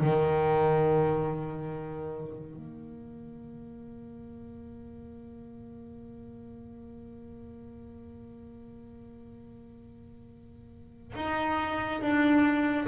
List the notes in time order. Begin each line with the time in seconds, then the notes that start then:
0.00 D#3
2.56 A#3
11.16 D#4
12.02 D4